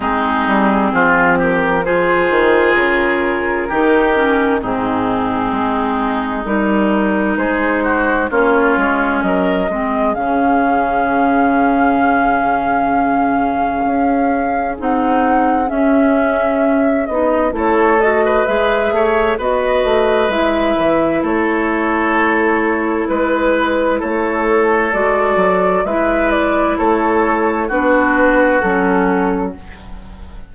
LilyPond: <<
  \new Staff \with { instrumentName = "flute" } { \time 4/4 \tempo 4 = 65 gis'4. ais'8 c''4 ais'4~ | ais'4 gis'2 ais'4 | c''4 cis''4 dis''4 f''4~ | f''1 |
fis''4 e''4. dis''8 cis''8 dis''8 | e''4 dis''4 e''4 cis''4~ | cis''4 b'4 cis''4 d''4 | e''8 d''8 cis''4 b'4 a'4 | }
  \new Staff \with { instrumentName = "oboe" } { \time 4/4 dis'4 f'8 g'8 gis'2 | g'4 dis'2. | gis'8 fis'8 f'4 ais'8 gis'4.~ | gis'1~ |
gis'2. a'8. b'16~ | b'8 cis''8 b'2 a'4~ | a'4 b'4 a'2 | b'4 a'4 fis'2 | }
  \new Staff \with { instrumentName = "clarinet" } { \time 4/4 c'2 f'2 | dis'8 cis'8 c'2 dis'4~ | dis'4 cis'4. c'8 cis'4~ | cis'1 |
dis'4 cis'4. dis'8 e'8 fis'8 | gis'4 fis'4 e'2~ | e'2. fis'4 | e'2 d'4 cis'4 | }
  \new Staff \with { instrumentName = "bassoon" } { \time 4/4 gis8 g8 f4. dis8 cis4 | dis4 gis,4 gis4 g4 | gis4 ais8 gis8 fis8 gis8 cis4~ | cis2. cis'4 |
c'4 cis'4. b8 a4 | gis8 a8 b8 a8 gis8 e8 a4~ | a4 gis4 a4 gis8 fis8 | gis4 a4 b4 fis4 | }
>>